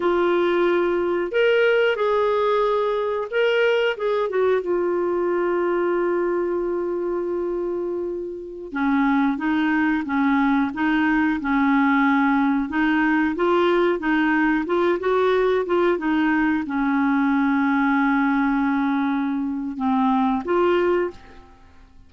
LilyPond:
\new Staff \with { instrumentName = "clarinet" } { \time 4/4 \tempo 4 = 91 f'2 ais'4 gis'4~ | gis'4 ais'4 gis'8 fis'8 f'4~ | f'1~ | f'4~ f'16 cis'4 dis'4 cis'8.~ |
cis'16 dis'4 cis'2 dis'8.~ | dis'16 f'4 dis'4 f'8 fis'4 f'16~ | f'16 dis'4 cis'2~ cis'8.~ | cis'2 c'4 f'4 | }